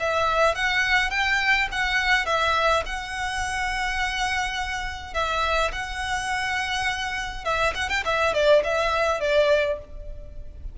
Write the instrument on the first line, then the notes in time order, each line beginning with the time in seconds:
violin
0.00 E5
0.55 F#5
1.11 G5
1.72 F#5
2.26 E5
2.86 F#5
5.14 E5
5.72 F#5
7.45 E5
7.75 F#5
7.89 G5
8.06 E5
8.34 D5
8.64 E5
9.21 D5